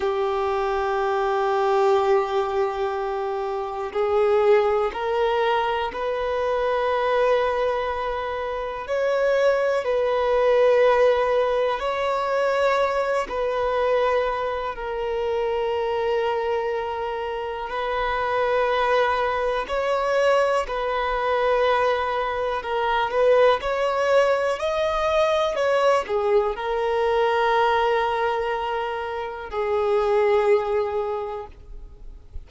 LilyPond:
\new Staff \with { instrumentName = "violin" } { \time 4/4 \tempo 4 = 61 g'1 | gis'4 ais'4 b'2~ | b'4 cis''4 b'2 | cis''4. b'4. ais'4~ |
ais'2 b'2 | cis''4 b'2 ais'8 b'8 | cis''4 dis''4 cis''8 gis'8 ais'4~ | ais'2 gis'2 | }